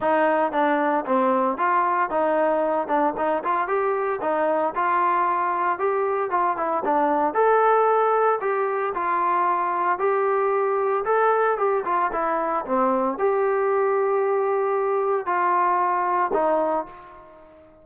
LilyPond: \new Staff \with { instrumentName = "trombone" } { \time 4/4 \tempo 4 = 114 dis'4 d'4 c'4 f'4 | dis'4. d'8 dis'8 f'8 g'4 | dis'4 f'2 g'4 | f'8 e'8 d'4 a'2 |
g'4 f'2 g'4~ | g'4 a'4 g'8 f'8 e'4 | c'4 g'2.~ | g'4 f'2 dis'4 | }